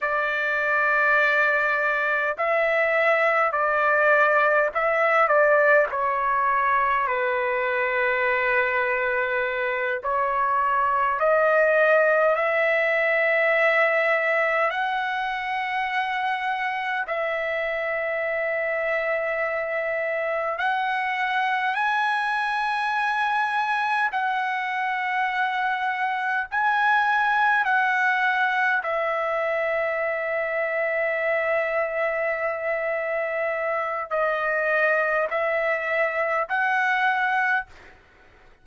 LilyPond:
\new Staff \with { instrumentName = "trumpet" } { \time 4/4 \tempo 4 = 51 d''2 e''4 d''4 | e''8 d''8 cis''4 b'2~ | b'8 cis''4 dis''4 e''4.~ | e''8 fis''2 e''4.~ |
e''4. fis''4 gis''4.~ | gis''8 fis''2 gis''4 fis''8~ | fis''8 e''2.~ e''8~ | e''4 dis''4 e''4 fis''4 | }